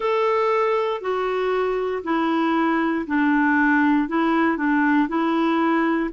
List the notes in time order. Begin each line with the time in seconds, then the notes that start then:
0.00 A4
1.01 F#4
2.03 E4
3.06 D4
4.08 E4
4.57 D4
5.08 E4